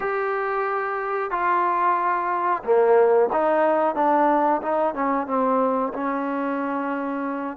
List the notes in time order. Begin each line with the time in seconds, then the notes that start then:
0.00 G4
1.30 F4
2.63 A#3
3.32 D#4
3.95 D4
4.62 D#4
4.94 C#4
5.27 C4
5.93 C#4